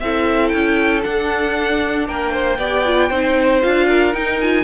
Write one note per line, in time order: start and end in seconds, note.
0.00 0.53 C4
0.00 1.02 E4
0.00 2.08 A4
0.00 0.49 E5
0.49 1.05 C#4
0.49 1.01 G5
1.02 2.57 D4
1.02 2.08 D4
1.02 2.07 F#5
2.08 2.58 A#3
2.08 2.32 A#4
2.08 3.62 G5
2.32 2.58 C5
2.58 3.10 B3
2.58 2.85 G4
2.58 3.09 D5
2.85 3.11 F4
3.09 3.62 C4
3.09 3.62 D#4
3.09 3.87 C5
3.62 4.14 D4
3.62 4.14 F4
3.62 4.14 F5
3.87 4.64 A#4
4.14 4.40 D#4
4.14 4.64 D#4
4.14 4.40 G5
4.40 4.64 F4
4.40 4.64 G#5